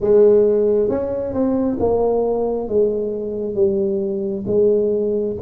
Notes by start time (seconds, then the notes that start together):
0.00 G#3
0.89 C#4
1.33 C4
1.79 A#3
2.68 G#3
3.55 G3
4.46 G#3